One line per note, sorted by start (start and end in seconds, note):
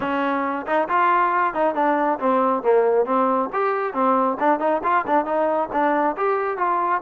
0.00 0.65 C#4
0.66 0.88 D#4
0.88 1.53 F4
1.53 1.75 D#4
1.75 2.18 D4
2.19 2.62 C4
2.62 3.05 A#3
3.05 3.49 C4
3.52 3.93 G4
3.93 4.37 C4
4.39 4.59 D4
4.59 4.81 D#4
4.83 5.05 F4
5.06 5.25 D4
5.25 5.69 D#4
5.72 6.16 D4
6.17 6.57 G4
6.57 7.01 F4